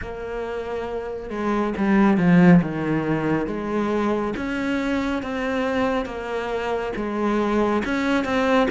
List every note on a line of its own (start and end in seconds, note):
0.01 1.30 A#3
1.30 1.73 G#3
1.77 2.17 G3
2.17 2.60 F3
2.61 3.47 D#3
3.47 4.34 G#3
4.36 5.22 C#4
5.22 6.05 C4
6.05 6.92 A#3
6.96 7.83 G#3
7.84 8.24 C#4
8.24 8.68 C4